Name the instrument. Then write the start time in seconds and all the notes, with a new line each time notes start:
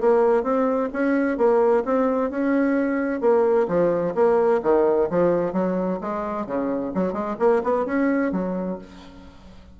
bassoon
0.00 A#3
0.43 C4
0.92 C#4
1.37 A#3
1.84 C4
2.30 C#4
3.20 A#3
3.67 F3
4.14 A#3
4.62 D#3
5.10 F3
5.53 F#3
6.00 G#3
6.46 C#3
6.94 F#3
7.13 G#3
7.39 A#3
7.63 B3
7.85 C#4
8.32 F#3